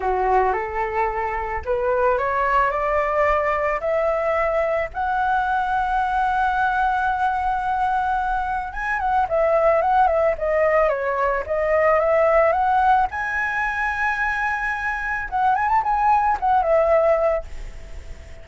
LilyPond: \new Staff \with { instrumentName = "flute" } { \time 4/4 \tempo 4 = 110 fis'4 a'2 b'4 | cis''4 d''2 e''4~ | e''4 fis''2.~ | fis''1 |
gis''8 fis''8 e''4 fis''8 e''8 dis''4 | cis''4 dis''4 e''4 fis''4 | gis''1 | fis''8 gis''16 a''16 gis''4 fis''8 e''4. | }